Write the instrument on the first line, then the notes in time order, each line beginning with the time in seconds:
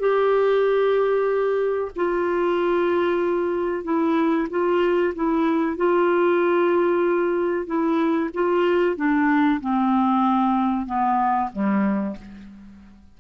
clarinet
0.00 G4
1.96 F4
3.84 E4
4.50 F4
5.15 E4
5.77 F4
7.66 E4
8.34 F4
8.96 D4
9.61 C4
10.86 B3
11.52 G3